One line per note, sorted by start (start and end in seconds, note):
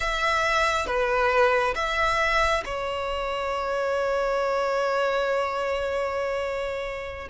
0.00 0.86 E5
0.86 1.74 B4
1.75 2.63 E5
2.65 7.28 C#5